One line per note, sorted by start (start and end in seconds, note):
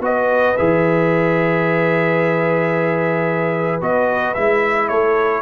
0.00 0.54 B3
0.00 0.55 F#4
0.00 4.90 B4
0.00 0.57 D#5
0.57 3.81 E3
0.57 3.81 G#4
0.57 3.81 E5
3.81 4.35 B3
3.81 4.35 F#4
3.81 4.34 D#5
4.34 4.90 G#3
4.34 5.41 E4
4.34 4.88 E5
4.88 5.41 A3
4.88 5.41 A4
4.88 5.41 C#5